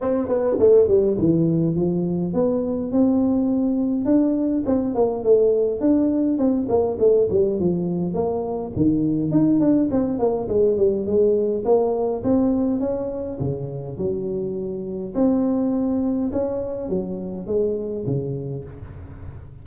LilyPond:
\new Staff \with { instrumentName = "tuba" } { \time 4/4 \tempo 4 = 103 c'8 b8 a8 g8 e4 f4 | b4 c'2 d'4 | c'8 ais8 a4 d'4 c'8 ais8 | a8 g8 f4 ais4 dis4 |
dis'8 d'8 c'8 ais8 gis8 g8 gis4 | ais4 c'4 cis'4 cis4 | fis2 c'2 | cis'4 fis4 gis4 cis4 | }